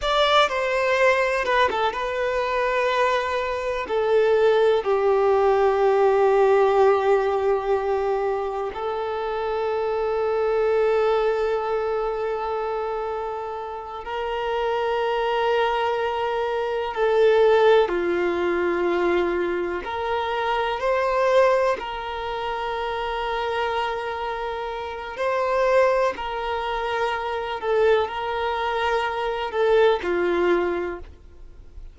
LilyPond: \new Staff \with { instrumentName = "violin" } { \time 4/4 \tempo 4 = 62 d''8 c''4 b'16 a'16 b'2 | a'4 g'2.~ | g'4 a'2.~ | a'2~ a'8 ais'4.~ |
ais'4. a'4 f'4.~ | f'8 ais'4 c''4 ais'4.~ | ais'2 c''4 ais'4~ | ais'8 a'8 ais'4. a'8 f'4 | }